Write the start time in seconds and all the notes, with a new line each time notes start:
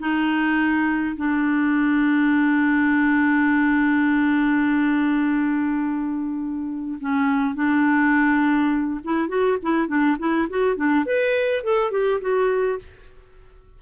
0.00 D#4
1.17 D4
7.01 C#4
7.55 D4
9.05 E4
9.29 F#4
9.63 E4
9.88 D4
10.19 E4
10.50 F#4
10.77 D4
11.06 B4
11.64 A4
11.92 G4
12.21 F#4